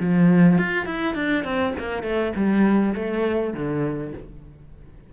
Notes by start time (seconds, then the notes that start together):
0.00 F3
0.58 F4
0.85 E4
1.14 D4
1.44 C4
1.79 A#3
2.03 A3
2.35 G3
2.95 A3
3.53 D3